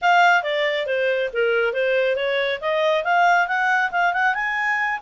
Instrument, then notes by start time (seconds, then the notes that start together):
clarinet
0.01 F5
0.42 D5
0.86 C5
1.33 A#4
1.73 C5
2.16 C#5
2.60 D#5
3.04 F5
3.47 F#5
3.91 F5
4.13 F#5
4.34 G#5